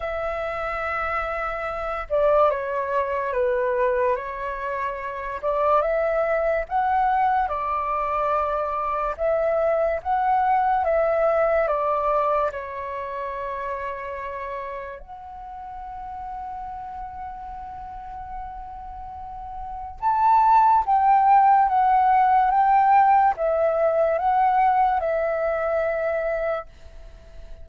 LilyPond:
\new Staff \with { instrumentName = "flute" } { \time 4/4 \tempo 4 = 72 e''2~ e''8 d''8 cis''4 | b'4 cis''4. d''8 e''4 | fis''4 d''2 e''4 | fis''4 e''4 d''4 cis''4~ |
cis''2 fis''2~ | fis''1 | a''4 g''4 fis''4 g''4 | e''4 fis''4 e''2 | }